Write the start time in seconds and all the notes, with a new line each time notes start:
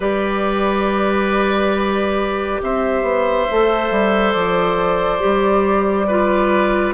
0.00 G3 G4 B4 D5
2.62 C4 C5 E5
3.02 B3
3.50 A3 A4
3.91 G3
4.32 F3 D5
5.19 G3 G4
6.07 F4 B4